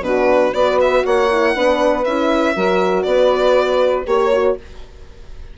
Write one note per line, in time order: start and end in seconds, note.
0.00 0.50 B2
0.00 0.53 D4
0.00 0.53 F#4
0.00 0.54 B4
0.53 1.03 B3
0.53 1.28 F#4
0.53 1.03 B4
0.53 0.79 D5
0.81 1.06 E5
1.03 1.56 A#3
1.03 1.54 C#5
1.03 2.04 F#5
1.31 1.55 E4
1.54 2.06 B3
1.54 2.05 D4
1.54 2.55 B4
2.04 2.56 C#4
2.04 2.55 E4
2.04 3.02 E5
2.55 3.05 F#3
2.55 4.06 F#4
2.55 3.05 A#4
3.02 4.06 B3
3.02 4.07 B4
3.02 4.03 D5
4.06 4.56 A#3
4.06 4.31 G4
4.06 4.57 C#5
4.33 4.58 F#4